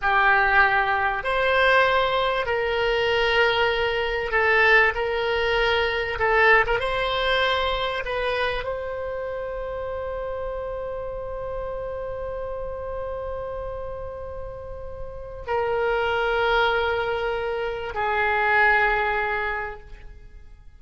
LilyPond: \new Staff \with { instrumentName = "oboe" } { \time 4/4 \tempo 4 = 97 g'2 c''2 | ais'2. a'4 | ais'2 a'8. ais'16 c''4~ | c''4 b'4 c''2~ |
c''1~ | c''1~ | c''4 ais'2.~ | ais'4 gis'2. | }